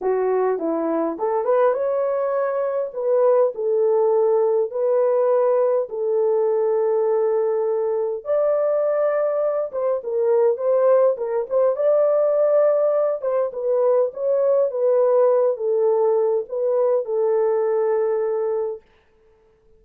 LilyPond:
\new Staff \with { instrumentName = "horn" } { \time 4/4 \tempo 4 = 102 fis'4 e'4 a'8 b'8 cis''4~ | cis''4 b'4 a'2 | b'2 a'2~ | a'2 d''2~ |
d''8 c''8 ais'4 c''4 ais'8 c''8 | d''2~ d''8 c''8 b'4 | cis''4 b'4. a'4. | b'4 a'2. | }